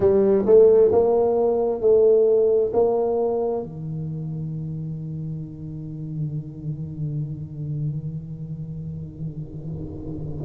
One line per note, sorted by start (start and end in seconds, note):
0.00 0.45 G3
0.45 0.91 A3
0.91 1.81 A#3
1.81 2.71 A3
2.73 3.63 A#3
3.63 10.45 D#3